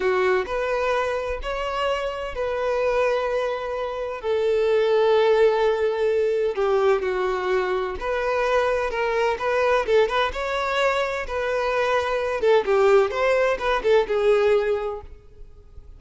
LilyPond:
\new Staff \with { instrumentName = "violin" } { \time 4/4 \tempo 4 = 128 fis'4 b'2 cis''4~ | cis''4 b'2.~ | b'4 a'2.~ | a'2 g'4 fis'4~ |
fis'4 b'2 ais'4 | b'4 a'8 b'8 cis''2 | b'2~ b'8 a'8 g'4 | c''4 b'8 a'8 gis'2 | }